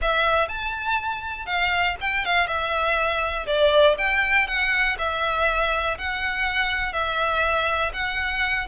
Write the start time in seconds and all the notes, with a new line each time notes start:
0.01 E5
0.48 A5
1.46 F5
2.00 G5
2.25 F5
2.47 E5
3.46 D5
3.98 G5
4.47 F#5
4.98 E5
5.98 F#5
6.93 E5
7.93 F#5